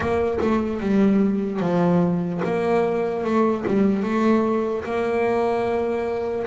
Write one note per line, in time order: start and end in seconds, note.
0.00 0.38 A#3
0.41 0.80 A3
0.80 1.60 G3
1.60 2.41 F3
2.44 3.24 A#3
3.24 3.64 A3
3.67 4.02 G3
4.02 4.84 A3
4.84 6.46 A#3